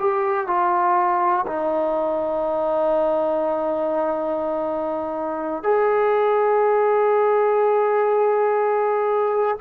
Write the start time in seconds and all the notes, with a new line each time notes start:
0.00 G4
0.47 F4
1.47 D#4
5.63 G#4